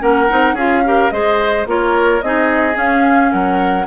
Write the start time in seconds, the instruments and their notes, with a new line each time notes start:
0.00 bassoon A#3, clarinet C#4, oboe A#4, flute F#5
0.29 bassoon C4, clarinet D#4
0.53 bassoon C#4, clarinet F4, oboe G#4, flute F5
0.85 clarinet G4, oboe A#4
1.11 bassoon G#3, clarinet G#4, oboe C5, flute D#5
1.66 bassoon A#3, clarinet F4, oboe A#4, flute C#5
2.22 bassoon C4, clarinet D#4, oboe G#4, flute D#5
2.74 clarinet C#4, bassoon C#4, flute F5
3.32 bassoon F#3, oboe A#4, flute F#5